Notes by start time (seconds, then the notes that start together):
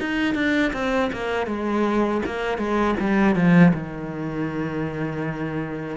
0.00 D#4
0.35 D4
0.73 C4
1.13 A#3
1.47 G#3
2.26 A#3
2.58 G#3
3.00 G3
3.35 F3
3.74 D#3